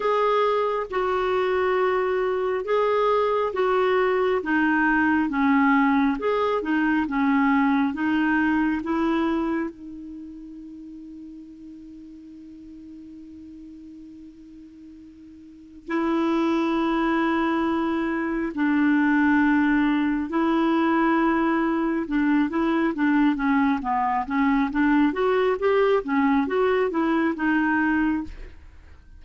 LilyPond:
\new Staff \with { instrumentName = "clarinet" } { \time 4/4 \tempo 4 = 68 gis'4 fis'2 gis'4 | fis'4 dis'4 cis'4 gis'8 dis'8 | cis'4 dis'4 e'4 dis'4~ | dis'1~ |
dis'2 e'2~ | e'4 d'2 e'4~ | e'4 d'8 e'8 d'8 cis'8 b8 cis'8 | d'8 fis'8 g'8 cis'8 fis'8 e'8 dis'4 | }